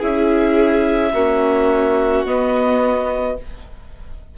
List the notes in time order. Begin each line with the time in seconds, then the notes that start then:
0.00 C#4 E4 G#4 E5
1.13 A#3 C#4 F#4
2.26 B3 D#5